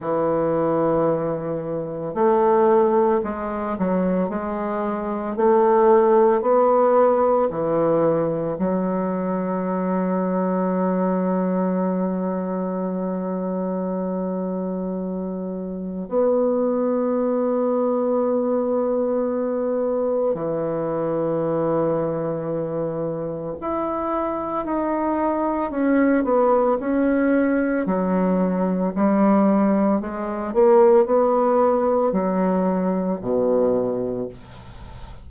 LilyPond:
\new Staff \with { instrumentName = "bassoon" } { \time 4/4 \tempo 4 = 56 e2 a4 gis8 fis8 | gis4 a4 b4 e4 | fis1~ | fis2. b4~ |
b2. e4~ | e2 e'4 dis'4 | cis'8 b8 cis'4 fis4 g4 | gis8 ais8 b4 fis4 b,4 | }